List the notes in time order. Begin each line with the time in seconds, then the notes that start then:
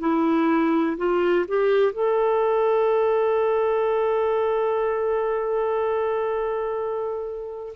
0.00 E4
0.97 F4
1.48 G4
1.92 A4